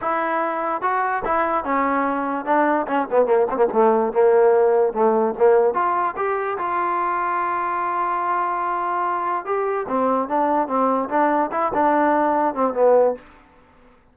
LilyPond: \new Staff \with { instrumentName = "trombone" } { \time 4/4 \tempo 4 = 146 e'2 fis'4 e'4 | cis'2 d'4 cis'8 b8 | ais8 c'16 ais16 a4 ais2 | a4 ais4 f'4 g'4 |
f'1~ | f'2. g'4 | c'4 d'4 c'4 d'4 | e'8 d'2 c'8 b4 | }